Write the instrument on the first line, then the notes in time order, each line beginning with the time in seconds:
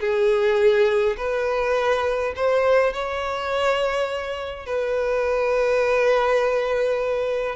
violin
0.00 G#4
1.17 B4
2.36 C5
2.93 C#5
4.66 B4